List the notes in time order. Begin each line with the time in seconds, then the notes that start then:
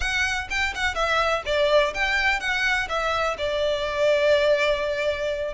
0.00 F#5
0.49 G5
0.74 F#5
0.94 E5
1.45 D5
1.94 G5
2.40 F#5
2.88 E5
3.37 D5